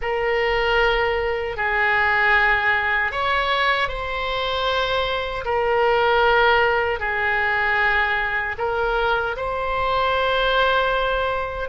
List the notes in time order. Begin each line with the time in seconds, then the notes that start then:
0.01 A#4
1.56 G#4
3.11 C#5
3.88 C5
5.44 A#4
6.99 G#4
8.57 A#4
9.36 C5